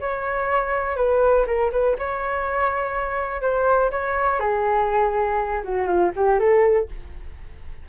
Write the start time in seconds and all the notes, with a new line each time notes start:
0.00 C#5
0.96 B4
1.46 A#4
1.71 B4
1.98 C#5
3.41 C5
3.91 C#5
4.39 G#4
5.63 F#4
5.86 F4
6.15 G4
6.39 A4